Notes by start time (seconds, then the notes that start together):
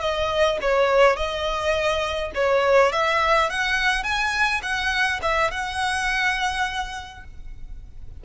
0.00 D#5
0.61 C#5
1.16 D#5
2.34 C#5
2.92 E5
3.49 F#5
4.03 G#5
4.62 F#5
5.22 E5
5.51 F#5